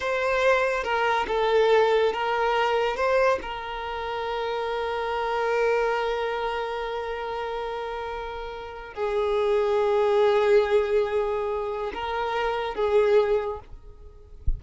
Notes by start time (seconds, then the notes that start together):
0.00 C5
0.83 A#4
1.27 A4
2.12 A#4
2.96 C5
3.42 A#4
8.94 G#4
11.94 A#4
12.74 G#4